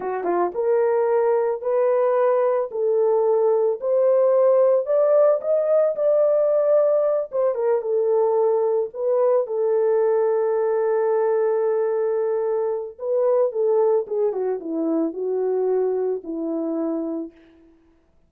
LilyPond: \new Staff \with { instrumentName = "horn" } { \time 4/4 \tempo 4 = 111 fis'8 f'8 ais'2 b'4~ | b'4 a'2 c''4~ | c''4 d''4 dis''4 d''4~ | d''4. c''8 ais'8 a'4.~ |
a'8 b'4 a'2~ a'8~ | a'1 | b'4 a'4 gis'8 fis'8 e'4 | fis'2 e'2 | }